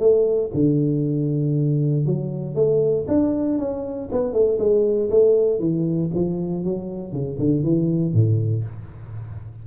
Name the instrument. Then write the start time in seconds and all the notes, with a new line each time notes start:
tuba
0.00 A3
0.54 D3
2.06 F#3
2.56 A3
3.08 D4
3.59 C#4
4.12 B3
4.33 A3
4.59 G#3
5.11 A3
5.60 E3
6.15 F3
6.65 F#3
7.13 C#3
7.39 D3
7.64 E3
8.14 A2